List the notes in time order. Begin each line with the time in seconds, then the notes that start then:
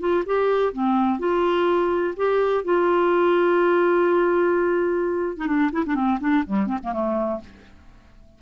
0.00 F4
0.26 G4
0.73 C4
1.19 F4
2.17 G4
2.65 F4
5.37 D#4
5.47 D4
5.73 E4
5.86 D4
5.95 C4
6.20 D4
6.46 G3
6.67 C4
6.84 A#3
6.93 A3